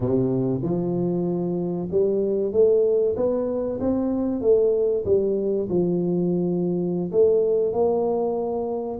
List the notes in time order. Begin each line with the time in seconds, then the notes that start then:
0.00 C3
0.62 F3
1.91 G3
2.52 A3
3.16 B3
3.80 C4
4.41 A3
5.05 G3
5.69 F3
7.11 A3
7.73 A#3